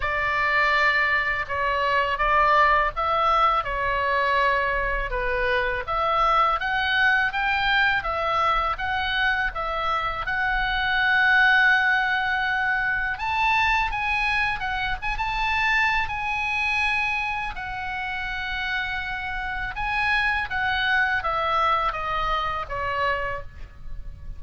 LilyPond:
\new Staff \with { instrumentName = "oboe" } { \time 4/4 \tempo 4 = 82 d''2 cis''4 d''4 | e''4 cis''2 b'4 | e''4 fis''4 g''4 e''4 | fis''4 e''4 fis''2~ |
fis''2 a''4 gis''4 | fis''8 gis''16 a''4~ a''16 gis''2 | fis''2. gis''4 | fis''4 e''4 dis''4 cis''4 | }